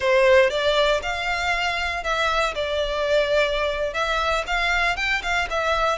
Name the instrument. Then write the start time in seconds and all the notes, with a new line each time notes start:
violin
0.00 C5
0.49 D5
1.02 F5
2.03 E5
2.54 D5
3.93 E5
4.47 F5
4.96 G5
5.22 F5
5.50 E5